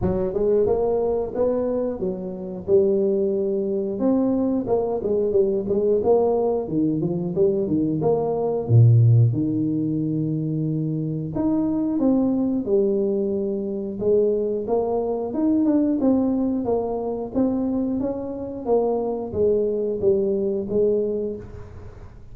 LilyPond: \new Staff \with { instrumentName = "tuba" } { \time 4/4 \tempo 4 = 90 fis8 gis8 ais4 b4 fis4 | g2 c'4 ais8 gis8 | g8 gis8 ais4 dis8 f8 g8 dis8 | ais4 ais,4 dis2~ |
dis4 dis'4 c'4 g4~ | g4 gis4 ais4 dis'8 d'8 | c'4 ais4 c'4 cis'4 | ais4 gis4 g4 gis4 | }